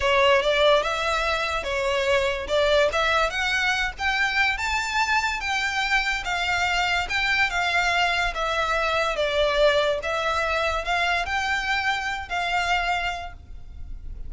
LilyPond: \new Staff \with { instrumentName = "violin" } { \time 4/4 \tempo 4 = 144 cis''4 d''4 e''2 | cis''2 d''4 e''4 | fis''4. g''4. a''4~ | a''4 g''2 f''4~ |
f''4 g''4 f''2 | e''2 d''2 | e''2 f''4 g''4~ | g''4. f''2~ f''8 | }